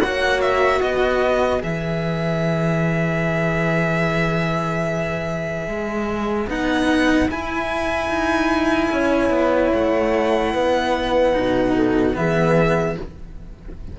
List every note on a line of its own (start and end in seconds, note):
0.00 0.81 A#3
0.00 1.60 F#4
0.00 0.81 C#5
0.00 0.41 F#5
0.41 0.81 E5
0.81 1.63 B3
0.81 8.91 B4
0.81 1.62 D#5
1.60 5.68 E3
1.60 6.46 G#4
1.60 6.49 E5
5.68 6.47 G#3
6.47 7.28 B3
6.47 7.30 D#4
6.47 7.30 F#5
7.30 8.09 E4
7.30 11.33 E4
7.30 9.73 G#5
8.09 8.90 D#4
8.92 9.30 C#4
8.92 10.53 C#5
9.30 9.70 B3
9.73 10.54 A3
9.73 12.16 F#5
10.53 11.35 B3
10.53 11.75 B4
11.33 12.16 B2
11.33 12.14 D#4
11.75 12.16 A4
12.14 12.97 E3
12.14 12.95 B3
12.14 12.99 G#4
12.14 12.97 E5